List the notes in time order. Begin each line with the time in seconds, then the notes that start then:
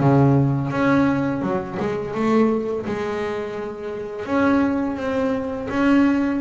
0.00 C#3
0.71 C#4
1.42 F#3
1.80 G#3
2.15 A3
2.86 G#3
4.26 C#4
4.97 C4
5.70 C#4